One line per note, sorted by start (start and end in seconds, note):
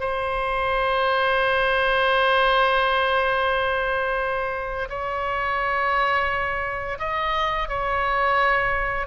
0.00 4.88 C5
4.89 6.98 C#5
6.99 7.68 D#5
7.68 9.07 C#5